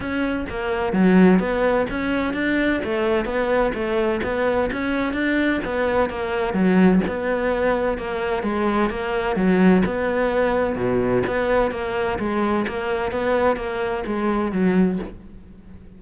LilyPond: \new Staff \with { instrumentName = "cello" } { \time 4/4 \tempo 4 = 128 cis'4 ais4 fis4 b4 | cis'4 d'4 a4 b4 | a4 b4 cis'4 d'4 | b4 ais4 fis4 b4~ |
b4 ais4 gis4 ais4 | fis4 b2 b,4 | b4 ais4 gis4 ais4 | b4 ais4 gis4 fis4 | }